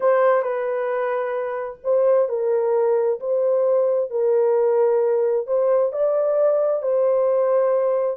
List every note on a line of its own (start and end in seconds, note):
0.00 0.42 C5
0.42 1.79 B4
1.83 2.28 C5
2.28 3.19 A#4
3.19 4.10 C5
4.10 5.46 A#4
5.46 5.92 C5
5.92 6.82 D5
6.82 8.17 C5